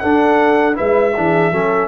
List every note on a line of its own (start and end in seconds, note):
0.00 0.75 D4
0.00 0.79 D4
0.00 0.77 A4
0.00 0.76 F#5
0.75 1.17 G#3
0.75 1.12 E4
0.75 1.15 B4
0.75 1.88 E5
1.16 1.51 E3
1.16 1.53 D4
1.16 1.53 G#4
1.51 1.88 F#3
1.51 1.88 C#4
1.51 1.88 A4